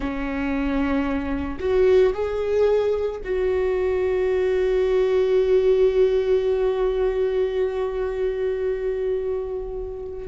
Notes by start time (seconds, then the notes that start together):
0.00 C#4
1.59 F#4
2.13 G#4
3.23 F#4